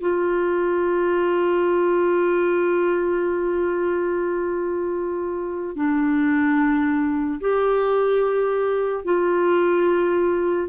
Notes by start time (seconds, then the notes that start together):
0.00 F4
5.75 D4
7.40 G4
9.04 F4